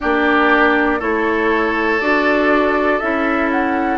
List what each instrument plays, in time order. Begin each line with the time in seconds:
0.00 bassoon A#3, clarinet D4, oboe G4, flute D5
0.99 bassoon A3, clarinet E4, oboe A4, flute C#5
2.00 bassoon D4, clarinet F#4, flute D5
2.99 bassoon C#4, clarinet E4, flute E5
3.51 flute F#5